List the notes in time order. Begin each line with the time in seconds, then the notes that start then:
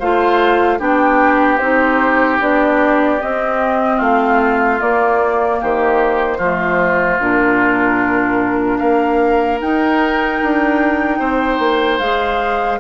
0.00 A3 F4 C5 F5
0.79 B3 D4 G4 G5
1.58 C4 D#4 C5
2.41 B3 D4 D5
3.21 C4 D#5
3.97 A3 F4 F5
4.79 A#3 D5
5.61 D#3 G4 C5
6.38 F3 A3 F4
7.20 A#2 D4 A#4
8.79 A#3 A#4 F5
9.61 D#4 G5
10.43 D4
11.19 C4 C5
11.59 A#3
11.99 G#3 G#4 F5